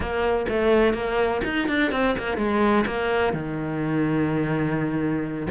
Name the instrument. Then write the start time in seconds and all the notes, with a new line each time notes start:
cello
0.00 A#3
0.48 A3
0.93 A#3
1.44 D#4
1.68 D4
1.91 C4
2.18 A#3
2.37 G#3
2.86 A#3
3.33 D#3